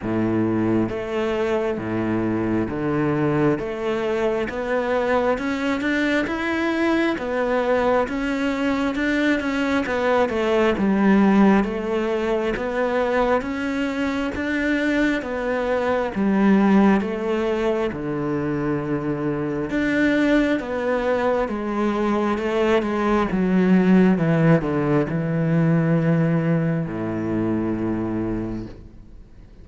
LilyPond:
\new Staff \with { instrumentName = "cello" } { \time 4/4 \tempo 4 = 67 a,4 a4 a,4 d4 | a4 b4 cis'8 d'8 e'4 | b4 cis'4 d'8 cis'8 b8 a8 | g4 a4 b4 cis'4 |
d'4 b4 g4 a4 | d2 d'4 b4 | gis4 a8 gis8 fis4 e8 d8 | e2 a,2 | }